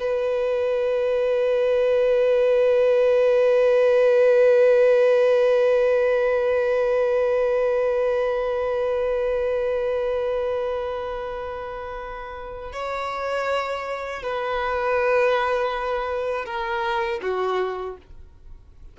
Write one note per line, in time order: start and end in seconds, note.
0.00 12.73 B4
12.73 14.23 C#5
14.23 16.46 B4
16.46 17.21 A#4
17.22 17.97 F#4